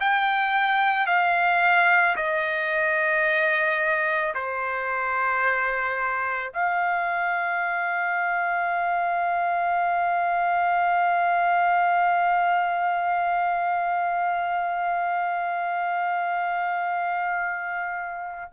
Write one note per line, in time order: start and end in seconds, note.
0.00 1.07 G5
1.07 2.16 F5
2.16 4.34 D#5
4.34 6.53 C5
6.53 18.53 F5